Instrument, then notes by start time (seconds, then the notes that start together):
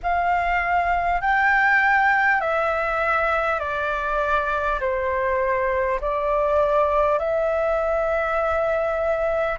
flute
0.03 F5
1.21 G5
2.41 E5
3.59 D5
4.80 C5
6.00 D5
7.18 E5